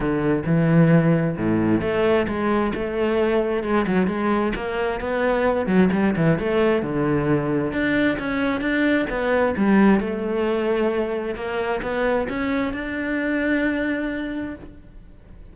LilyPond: \new Staff \with { instrumentName = "cello" } { \time 4/4 \tempo 4 = 132 d4 e2 a,4 | a4 gis4 a2 | gis8 fis8 gis4 ais4 b4~ | b8 fis8 g8 e8 a4 d4~ |
d4 d'4 cis'4 d'4 | b4 g4 a2~ | a4 ais4 b4 cis'4 | d'1 | }